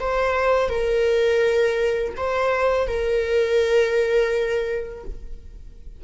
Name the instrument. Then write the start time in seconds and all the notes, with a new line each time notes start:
viola
0.00 C5
0.69 A#4
2.17 C5
2.88 A#4